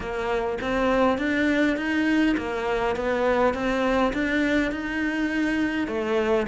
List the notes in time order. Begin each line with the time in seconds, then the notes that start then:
0.00 A#3
0.61 C4
1.18 D4
1.76 D#4
2.37 A#3
2.95 B3
3.53 C4
4.13 D4
4.71 D#4
5.87 A3